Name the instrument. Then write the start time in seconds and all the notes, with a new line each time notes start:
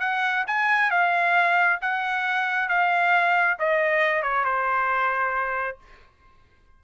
trumpet
0.00 F#5
0.47 G#5
0.91 F5
1.82 F#5
2.69 F5
3.59 D#5
4.23 C#5
4.45 C5